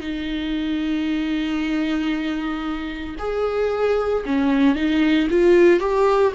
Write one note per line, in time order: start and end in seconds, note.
0.00 3.16 D#4
3.19 4.24 G#4
4.26 4.75 C#4
4.75 5.28 D#4
5.30 5.80 F4
5.80 6.33 G4